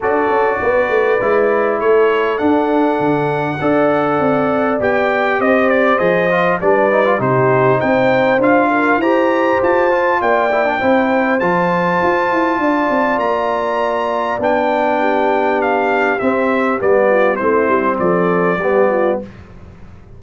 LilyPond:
<<
  \new Staff \with { instrumentName = "trumpet" } { \time 4/4 \tempo 4 = 100 d''2. cis''4 | fis''1 | g''4 dis''8 d''8 dis''4 d''4 | c''4 g''4 f''4 ais''4 |
a''4 g''2 a''4~ | a''2 ais''2 | g''2 f''4 e''4 | d''4 c''4 d''2 | }
  \new Staff \with { instrumentName = "horn" } { \time 4/4 a'4 b'2 a'4~ | a'2 d''2~ | d''4 c''2 b'4 | g'4 c''4. ais'8 c''4~ |
c''4 d''4 c''2~ | c''4 d''2.~ | d''4 g'2.~ | g'8 f'8 e'4 a'4 g'8 f'8 | }
  \new Staff \with { instrumentName = "trombone" } { \time 4/4 fis'2 e'2 | d'2 a'2 | g'2 gis'8 f'8 d'8 dis'16 f'16 | dis'2 f'4 g'4~ |
g'8 f'4 e'16 d'16 e'4 f'4~ | f'1 | d'2. c'4 | b4 c'2 b4 | }
  \new Staff \with { instrumentName = "tuba" } { \time 4/4 d'8 cis'8 b8 a8 gis4 a4 | d'4 d4 d'4 c'4 | b4 c'4 f4 g4 | c4 c'4 d'4 e'4 |
f'4 ais4 c'4 f4 | f'8 e'8 d'8 c'8 ais2 | b2. c'4 | g4 a8 g8 f4 g4 | }
>>